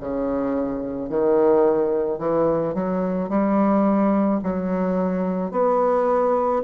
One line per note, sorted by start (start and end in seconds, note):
0.00 1.09 C#3
1.09 2.19 D#3
2.19 2.74 E3
2.74 3.29 F#3
3.29 4.40 G3
4.43 5.52 F#3
5.52 6.63 B3